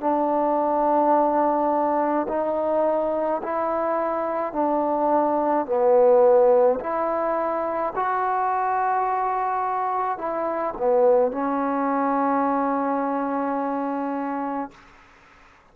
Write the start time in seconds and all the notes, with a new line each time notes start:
0.00 D4
2.28 D#4
3.43 E4
4.52 D4
5.66 B3
6.80 E4
7.96 F#4
10.17 E4
10.77 B3
11.32 C#4